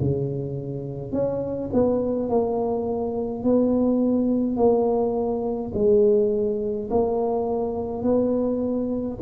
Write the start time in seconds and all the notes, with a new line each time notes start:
0.00 C#3
1.12 C#4
1.73 B3
2.29 A#3
3.43 B3
4.56 A#3
5.74 G#3
6.90 A#3
8.02 B3